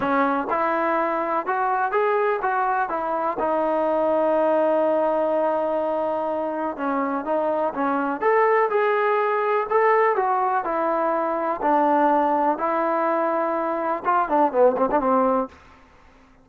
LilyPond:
\new Staff \with { instrumentName = "trombone" } { \time 4/4 \tempo 4 = 124 cis'4 e'2 fis'4 | gis'4 fis'4 e'4 dis'4~ | dis'1~ | dis'2 cis'4 dis'4 |
cis'4 a'4 gis'2 | a'4 fis'4 e'2 | d'2 e'2~ | e'4 f'8 d'8 b8 c'16 d'16 c'4 | }